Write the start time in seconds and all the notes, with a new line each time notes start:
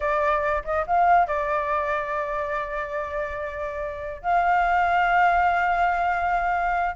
0.00 D5
0.64 D#5
0.87 F5
1.27 D5
4.21 F5